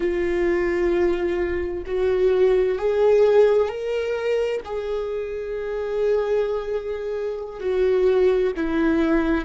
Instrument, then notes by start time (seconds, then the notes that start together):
viola
0.00 F4
1.85 F#4
2.78 G#4
3.68 A#4
4.64 G#4
7.59 F#4
8.56 E4